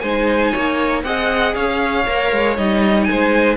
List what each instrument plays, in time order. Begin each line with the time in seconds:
0.00 cello G#3, viola D#4, violin C5 G#5
0.52 cello A#3, violin C#5
1.04 cello C4, viola G#4, violin D#5 F#5
1.55 cello C#4, violin C#5 F5
2.06 cello A#3, viola A#4
2.32 cello G#3
2.58 cello G3, viola D#4, violin D#5
3.04 violin G#5
3.10 cello G#3, violin C5